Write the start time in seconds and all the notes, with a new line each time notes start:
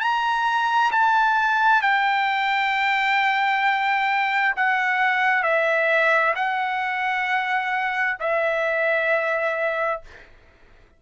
0.00 A#5
0.91 A5
1.82 G5
4.56 F#5
5.43 E5
6.36 F#5
8.19 E5